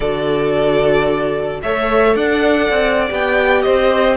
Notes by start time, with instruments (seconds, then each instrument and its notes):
0.00 cello D3, viola F#4, violin A4 D5
1.62 cello A3, viola A4, violin C#5 E5
2.15 cello D4, violin D5 F#5
2.69 cello C4
3.08 cello B3, viola G4, violin G5
3.62 cello C4, violin C5 D#5